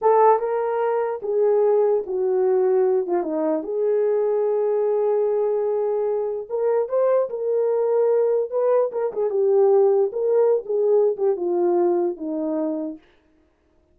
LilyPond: \new Staff \with { instrumentName = "horn" } { \time 4/4 \tempo 4 = 148 a'4 ais'2 gis'4~ | gis'4 fis'2~ fis'8 f'8 | dis'4 gis'2.~ | gis'1 |
ais'4 c''4 ais'2~ | ais'4 b'4 ais'8 gis'8 g'4~ | g'4 ais'4~ ais'16 gis'4~ gis'16 g'8 | f'2 dis'2 | }